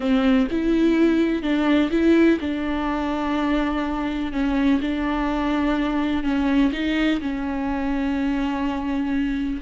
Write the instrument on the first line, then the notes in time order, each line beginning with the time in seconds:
viola
0.00 C4
0.50 E4
1.42 D4
1.90 E4
2.40 D4
4.32 C#4
4.81 D4
6.23 C#4
6.72 D#4
7.20 C#4